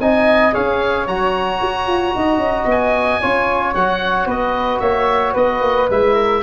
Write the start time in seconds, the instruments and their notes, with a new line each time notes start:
0.00 tuba C4, trombone D#4, flute D#5, oboe G#5
0.53 tuba C#4, trombone G#4, flute C#5, oboe F5
1.07 tuba F#3, trombone F#4, oboe A#5
1.62 tuba F#4
1.87 tuba F4
2.16 tuba D#4, flute D#5
2.38 tuba C#4
2.66 tuba B3, oboe G#5
3.21 tuba C#4, trombone F4, flute C#5
3.75 tuba F#3, trombone F#4, oboe F#5
4.26 tuba B3, flute B4, oboe D#5
4.80 tuba A#3, flute C#5, oboe E5
5.34 tuba B3, flute B4, oboe D#5
5.62 tuba A#3
5.90 tuba G#3, trombone E4, oboe E5
6.15 flute A#4